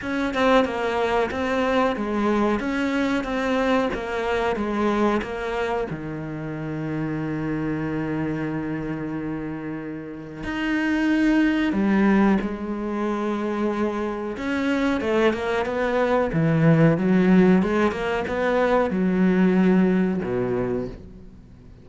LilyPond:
\new Staff \with { instrumentName = "cello" } { \time 4/4 \tempo 4 = 92 cis'8 c'8 ais4 c'4 gis4 | cis'4 c'4 ais4 gis4 | ais4 dis2.~ | dis1 |
dis'2 g4 gis4~ | gis2 cis'4 a8 ais8 | b4 e4 fis4 gis8 ais8 | b4 fis2 b,4 | }